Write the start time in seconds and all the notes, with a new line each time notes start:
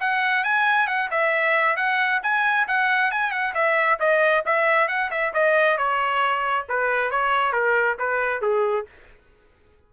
0.00 F#5
0.44 G#5
0.87 F#5
1.11 E5
1.77 F#5
2.23 G#5
2.68 F#5
3.12 G#5
3.32 F#5
3.55 E5
4.00 D#5
4.46 E5
4.88 F#5
5.11 E5
5.34 D#5
5.78 C#5
6.69 B4
7.11 C#5
7.53 A#4
7.99 B4
8.42 G#4